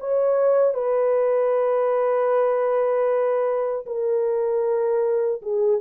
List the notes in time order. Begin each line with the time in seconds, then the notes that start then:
0.00 C#5
0.74 B4
3.86 A#4
5.42 G#4